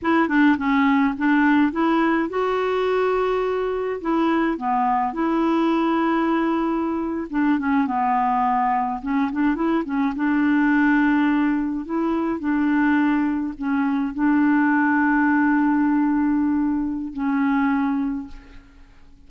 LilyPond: \new Staff \with { instrumentName = "clarinet" } { \time 4/4 \tempo 4 = 105 e'8 d'8 cis'4 d'4 e'4 | fis'2. e'4 | b4 e'2.~ | e'8. d'8 cis'8 b2 cis'16~ |
cis'16 d'8 e'8 cis'8 d'2~ d'16~ | d'8. e'4 d'2 cis'16~ | cis'8. d'2.~ d'16~ | d'2 cis'2 | }